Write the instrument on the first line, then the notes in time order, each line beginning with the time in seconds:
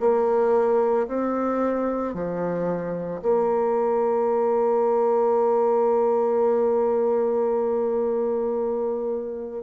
bassoon
0.00 A#3
1.08 C4
2.14 F3
3.22 A#3